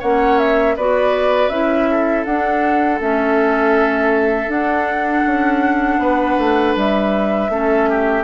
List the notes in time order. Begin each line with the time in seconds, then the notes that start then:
0.00 A#3 C#4 C#5 F#5
0.38 E5
0.76 B3 F#4 B4 D5
1.49 C#4 E4 E5
1.90 A4
2.25 D4 F#5
2.99 A3 C#4 E5
4.48 D4 F#5
5.26 C#4
5.98 B3 B4
6.38 A3
6.76 G3 E5
7.49 A3 C#4 A4
7.90 G4